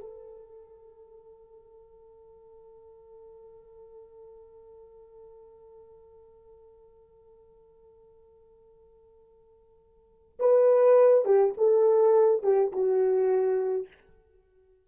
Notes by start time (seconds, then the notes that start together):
0.00 A4
10.39 B4
11.25 G4
11.58 A4
12.43 G4
12.72 F#4